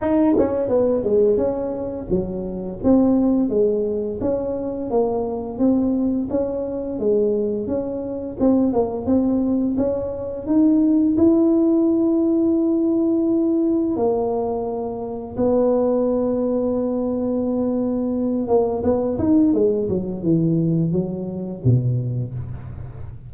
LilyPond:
\new Staff \with { instrumentName = "tuba" } { \time 4/4 \tempo 4 = 86 dis'8 cis'8 b8 gis8 cis'4 fis4 | c'4 gis4 cis'4 ais4 | c'4 cis'4 gis4 cis'4 | c'8 ais8 c'4 cis'4 dis'4 |
e'1 | ais2 b2~ | b2~ b8 ais8 b8 dis'8 | gis8 fis8 e4 fis4 b,4 | }